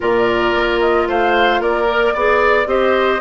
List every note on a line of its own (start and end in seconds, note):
0.00 0.54 A#2
0.00 1.87 F4
0.00 1.08 A#4
0.00 0.80 D5
0.54 1.08 A#3
0.80 1.07 D#5
1.08 1.60 A3
1.08 1.61 C5
1.08 1.62 F5
1.60 2.13 A#3
1.60 2.13 A#4
1.60 2.68 D5
1.88 2.14 A#4
2.13 2.66 B3
2.13 2.65 G#4
2.13 2.67 D5
2.65 3.20 C4
2.65 3.19 G4
2.65 3.20 C5
2.65 3.20 D#5